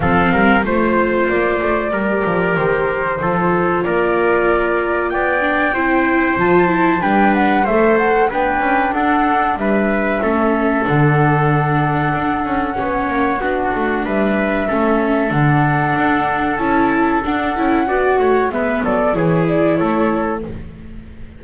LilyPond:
<<
  \new Staff \with { instrumentName = "flute" } { \time 4/4 \tempo 4 = 94 f''4 c''4 d''2 | c''2 d''2 | g''2 a''4 g''8 fis''8 | e''8 fis''8 g''4 fis''4 e''4~ |
e''4 fis''2.~ | fis''2 e''2 | fis''2 a''4 fis''4~ | fis''4 e''8 d''8 cis''8 d''8 cis''4 | }
  \new Staff \with { instrumentName = "trumpet" } { \time 4/4 a'8 ais'8 c''2 ais'4~ | ais'4 a'4 ais'2 | d''4 c''2 b'4 | c''4 b'4 a'4 b'4 |
a'1 | cis''4 fis'4 b'4 a'4~ | a'1 | d''8 cis''8 b'8 a'8 gis'4 a'4 | }
  \new Staff \with { instrumentName = "viola" } { \time 4/4 c'4 f'2 g'4~ | g'4 f'2.~ | f'8 d'8 e'4 f'8 e'8 d'4 | a'4 d'2. |
cis'4 d'2. | cis'4 d'2 cis'4 | d'2 e'4 d'8 e'8 | fis'4 b4 e'2 | }
  \new Staff \with { instrumentName = "double bass" } { \time 4/4 f8 g8 a4 ais8 a8 g8 f8 | dis4 f4 ais2 | b4 c'4 f4 g4 | a4 b8 cis'8 d'4 g4 |
a4 d2 d'8 cis'8 | b8 ais8 b8 a8 g4 a4 | d4 d'4 cis'4 d'8 cis'8 | b8 a8 gis8 fis8 e4 a4 | }
>>